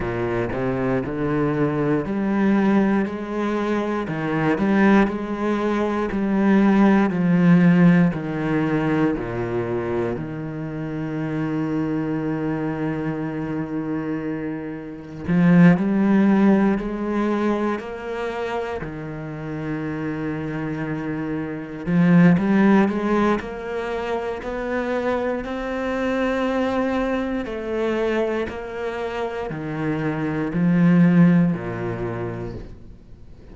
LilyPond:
\new Staff \with { instrumentName = "cello" } { \time 4/4 \tempo 4 = 59 ais,8 c8 d4 g4 gis4 | dis8 g8 gis4 g4 f4 | dis4 ais,4 dis2~ | dis2. f8 g8~ |
g8 gis4 ais4 dis4.~ | dis4. f8 g8 gis8 ais4 | b4 c'2 a4 | ais4 dis4 f4 ais,4 | }